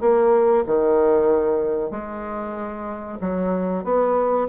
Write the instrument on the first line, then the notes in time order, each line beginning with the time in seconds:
bassoon
0.00 A#3
0.66 D#3
1.91 G#3
3.21 F#3
3.84 B3